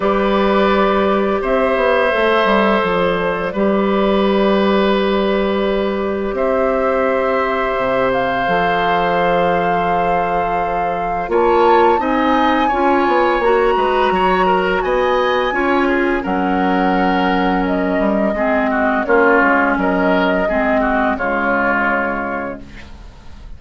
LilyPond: <<
  \new Staff \with { instrumentName = "flute" } { \time 4/4 \tempo 4 = 85 d''2 e''2 | d''1~ | d''4 e''2~ e''8 f''8~ | f''1 |
a''4 gis''2 ais''4~ | ais''4 gis''2 fis''4~ | fis''4 dis''2 cis''4 | dis''2 cis''2 | }
  \new Staff \with { instrumentName = "oboe" } { \time 4/4 b'2 c''2~ | c''4 b'2.~ | b'4 c''2.~ | c''1 |
cis''4 dis''4 cis''4. b'8 | cis''8 ais'8 dis''4 cis''8 gis'8 ais'4~ | ais'2 gis'8 fis'8 f'4 | ais'4 gis'8 fis'8 f'2 | }
  \new Staff \with { instrumentName = "clarinet" } { \time 4/4 g'2. a'4~ | a'4 g'2.~ | g'1 | a'1 |
f'4 dis'4 f'4 fis'4~ | fis'2 f'4 cis'4~ | cis'2 c'4 cis'4~ | cis'4 c'4 gis2 | }
  \new Staff \with { instrumentName = "bassoon" } { \time 4/4 g2 c'8 b8 a8 g8 | f4 g2.~ | g4 c'2 c4 | f1 |
ais4 c'4 cis'8 b8 ais8 gis8 | fis4 b4 cis'4 fis4~ | fis4. g8 gis4 ais8 gis8 | fis4 gis4 cis2 | }
>>